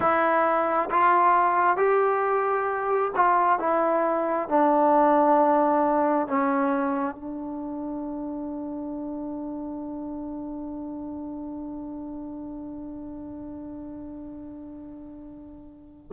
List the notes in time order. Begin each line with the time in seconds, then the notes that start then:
0.00 E4
0.90 F4
1.76 G4
3.15 F4
3.59 E4
4.48 D4
6.27 C#4
7.15 D4